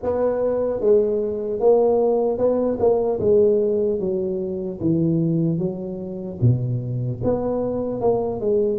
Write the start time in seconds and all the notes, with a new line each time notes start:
0.02 B3
0.80 G#3
1.59 A#3
2.37 B3
2.79 A#3
3.20 G#3
3.99 F#3
4.80 E3
5.58 F#3
6.41 B2
7.23 B3
8.00 A#3
8.40 G#3